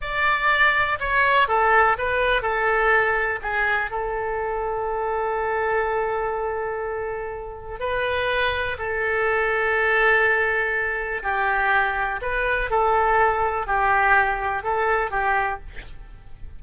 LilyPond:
\new Staff \with { instrumentName = "oboe" } { \time 4/4 \tempo 4 = 123 d''2 cis''4 a'4 | b'4 a'2 gis'4 | a'1~ | a'1 |
b'2 a'2~ | a'2. g'4~ | g'4 b'4 a'2 | g'2 a'4 g'4 | }